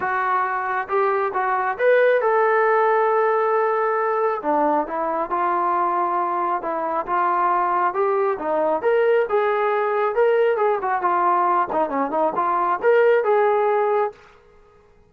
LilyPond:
\new Staff \with { instrumentName = "trombone" } { \time 4/4 \tempo 4 = 136 fis'2 g'4 fis'4 | b'4 a'2.~ | a'2 d'4 e'4 | f'2. e'4 |
f'2 g'4 dis'4 | ais'4 gis'2 ais'4 | gis'8 fis'8 f'4. dis'8 cis'8 dis'8 | f'4 ais'4 gis'2 | }